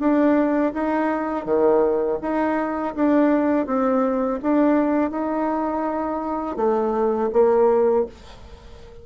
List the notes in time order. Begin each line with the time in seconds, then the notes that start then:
0.00 D4
0.74 D#4
1.45 D#3
2.22 D#4
2.96 D4
3.67 C4
4.43 D4
5.11 D#4
6.57 A3
7.33 A#3